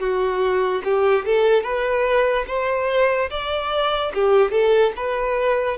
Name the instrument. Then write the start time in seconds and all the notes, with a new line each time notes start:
violin
0.00 F#4
0.84 G4
1.26 A4
1.63 B4
2.48 C5
3.30 D5
4.15 G4
4.52 A4
4.97 B4